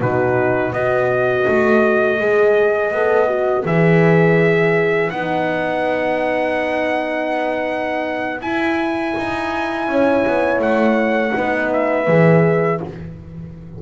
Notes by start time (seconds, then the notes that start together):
0.00 B2 D#4 F#4 B4
0.72 B3 F#4 B4 D#5
1.47 A3
2.19 G#3 G#4
2.91 B3 A4
3.27 F#4
3.64 E3 G#4 E5
5.10 B3 D#4 F#5
8.41 E4 G#5
9.17 D#4
9.87 C#4 C#5
10.26 B3
10.58 A3 F#5
11.32 B3 D#4 B4
11.72 E5
12.07 E3 G#4